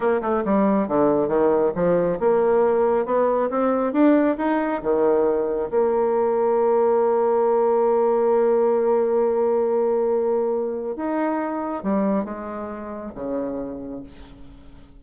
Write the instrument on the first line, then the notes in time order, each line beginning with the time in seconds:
bassoon
0.00 A#3
0.21 A3
0.44 G3
0.88 D3
1.28 D#3
1.75 F3
2.19 A#3
3.05 B3
3.49 C4
3.92 D4
4.37 D#4
4.82 D#3
5.70 A#3
10.95 D#4
11.83 G3
12.24 G#3
13.15 C#3